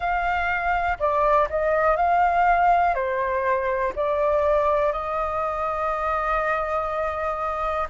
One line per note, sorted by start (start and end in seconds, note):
0.00 0.98 F5
0.99 1.48 D5
1.49 1.96 D#5
1.96 2.94 F5
2.94 3.93 C5
3.95 4.92 D5
4.92 7.87 D#5